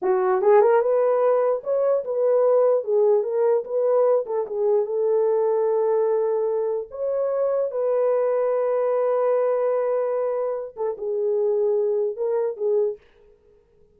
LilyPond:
\new Staff \with { instrumentName = "horn" } { \time 4/4 \tempo 4 = 148 fis'4 gis'8 ais'8 b'2 | cis''4 b'2 gis'4 | ais'4 b'4. a'8 gis'4 | a'1~ |
a'4 cis''2 b'4~ | b'1~ | b'2~ b'8 a'8 gis'4~ | gis'2 ais'4 gis'4 | }